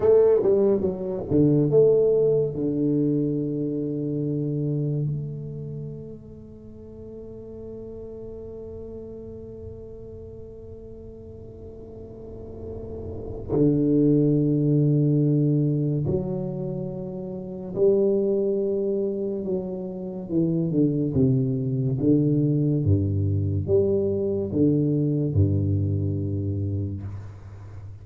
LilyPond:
\new Staff \with { instrumentName = "tuba" } { \time 4/4 \tempo 4 = 71 a8 g8 fis8 d8 a4 d4~ | d2 a2~ | a1~ | a1 |
d2. fis4~ | fis4 g2 fis4 | e8 d8 c4 d4 g,4 | g4 d4 g,2 | }